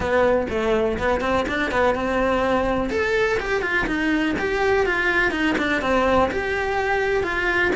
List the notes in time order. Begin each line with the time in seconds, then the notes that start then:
0.00 B3
0.49 A3
0.98 B3
1.21 C4
1.48 D4
1.71 B3
1.94 C4
2.89 A4
3.39 G4
3.62 F4
3.86 D#4
4.38 G4
4.86 F4
5.31 D#4
5.58 D4
5.81 C4
6.31 G4
7.23 F4